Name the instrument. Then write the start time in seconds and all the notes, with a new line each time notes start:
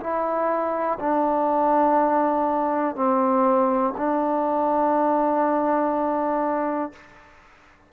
trombone
0.00 E4
1.00 D4
2.96 C4
3.97 D4